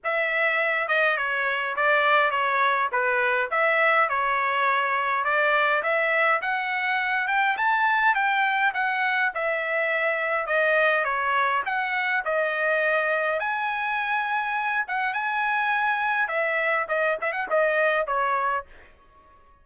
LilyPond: \new Staff \with { instrumentName = "trumpet" } { \time 4/4 \tempo 4 = 103 e''4. dis''8 cis''4 d''4 | cis''4 b'4 e''4 cis''4~ | cis''4 d''4 e''4 fis''4~ | fis''8 g''8 a''4 g''4 fis''4 |
e''2 dis''4 cis''4 | fis''4 dis''2 gis''4~ | gis''4. fis''8 gis''2 | e''4 dis''8 e''16 fis''16 dis''4 cis''4 | }